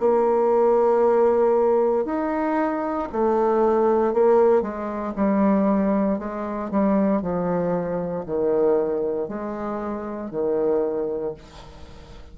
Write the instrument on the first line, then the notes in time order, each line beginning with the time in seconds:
bassoon
0.00 A#3
2.05 D#4
3.12 A3
4.14 A#3
4.62 G#3
5.16 G3
6.19 G#3
6.71 G3
7.22 F3
8.26 D#3
9.29 G#3
10.31 D#3